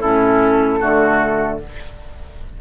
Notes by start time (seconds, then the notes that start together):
0.00 A2 C#4 E4 A4
0.79 D3 A3 F#4